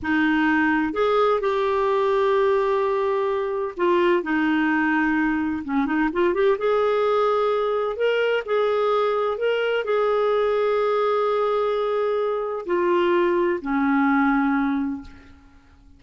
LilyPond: \new Staff \with { instrumentName = "clarinet" } { \time 4/4 \tempo 4 = 128 dis'2 gis'4 g'4~ | g'1 | f'4 dis'2. | cis'8 dis'8 f'8 g'8 gis'2~ |
gis'4 ais'4 gis'2 | ais'4 gis'2.~ | gis'2. f'4~ | f'4 cis'2. | }